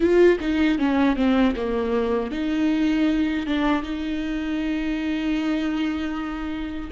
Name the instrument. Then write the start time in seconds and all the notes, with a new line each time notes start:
viola
0.00 F4
0.40 D#4
0.78 C#4
1.15 C4
1.56 A#3
2.31 D#4
3.46 D4
3.83 D#4